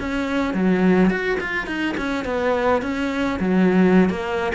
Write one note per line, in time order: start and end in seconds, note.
0.00 0.54 C#4
0.54 1.10 F#3
1.10 1.39 F#4
1.41 1.67 F4
1.67 1.96 D#4
1.98 2.25 C#4
2.25 2.82 B3
2.83 3.40 C#4
3.40 4.10 F#3
4.10 4.53 A#3